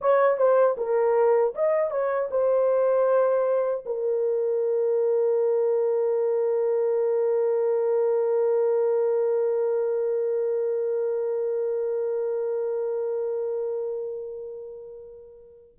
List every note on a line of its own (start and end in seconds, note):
0.01 0.37 C#5
0.37 0.76 C5
0.77 1.54 A#4
1.55 1.90 D#5
1.90 2.29 C#5
2.30 3.84 C5
3.85 15.78 A#4